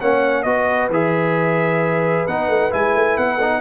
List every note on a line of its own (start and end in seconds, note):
0.00 0.44 A#3
0.00 0.45 C#4
0.00 0.46 C#5
0.00 0.42 F#5
0.42 0.89 B3
0.42 0.90 F#4
0.42 3.36 B4
0.42 0.88 D#5
0.89 2.24 E3
0.89 2.27 G#4
0.89 2.27 E5
2.27 2.48 B3
2.27 2.71 D#4
2.27 2.72 F#5
2.48 2.71 A3
2.71 2.95 G#3
2.71 3.38 E4
2.71 3.17 G#5
2.95 3.17 A3
3.17 3.61 B3
3.17 3.61 F#5
3.36 3.61 D#4
3.36 3.58 A4